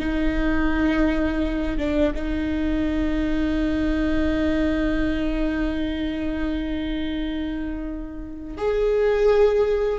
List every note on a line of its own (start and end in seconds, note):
0.00 1.78 D#4
1.78 2.14 D4
2.15 8.58 D#4
8.58 9.99 G#4